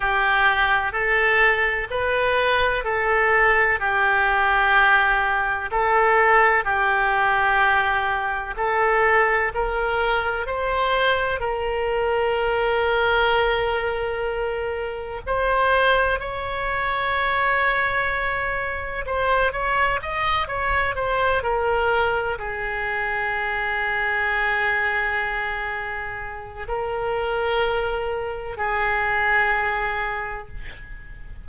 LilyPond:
\new Staff \with { instrumentName = "oboe" } { \time 4/4 \tempo 4 = 63 g'4 a'4 b'4 a'4 | g'2 a'4 g'4~ | g'4 a'4 ais'4 c''4 | ais'1 |
c''4 cis''2. | c''8 cis''8 dis''8 cis''8 c''8 ais'4 gis'8~ | gis'1 | ais'2 gis'2 | }